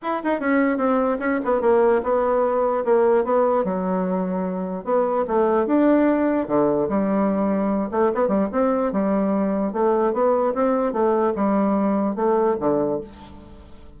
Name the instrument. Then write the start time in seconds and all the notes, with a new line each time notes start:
bassoon
0.02 E4
0.23 D#4
0.39 C#4
0.77 C4
1.19 C#4
1.44 B3
1.61 A#3
2.03 B3
2.84 A#3
3.24 B3
3.64 F#3
4.84 B3
5.27 A3
5.66 D4
6.47 D3
6.88 G3
7.91 A3
8.14 B3
8.28 G3
8.52 C4
8.92 G3
9.72 A3
10.13 B3
10.54 C4
10.92 A3
11.35 G3
12.15 A3
12.60 D3